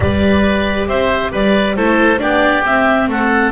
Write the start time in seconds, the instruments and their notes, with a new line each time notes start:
0.00 double bass G3, viola G4, oboe B4, clarinet D5
0.87 double bass C4, oboe C5, clarinet E5
1.31 double bass G3, oboe B4, clarinet D5
1.76 double bass A3, viola E4, oboe A4, clarinet C5
2.18 double bass B3, viola D4, oboe G4, clarinet D5
2.64 double bass C4, viola C4, clarinet E5
3.07 double bass A3, oboe A4, clarinet F#5